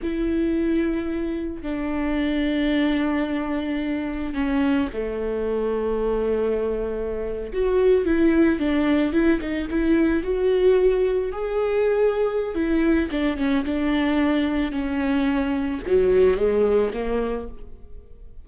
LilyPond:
\new Staff \with { instrumentName = "viola" } { \time 4/4 \tempo 4 = 110 e'2. d'4~ | d'1 | cis'4 a2.~ | a4.~ a16 fis'4 e'4 d'16~ |
d'8. e'8 dis'8 e'4 fis'4~ fis'16~ | fis'8. gis'2~ gis'16 e'4 | d'8 cis'8 d'2 cis'4~ | cis'4 fis4 gis4 ais4 | }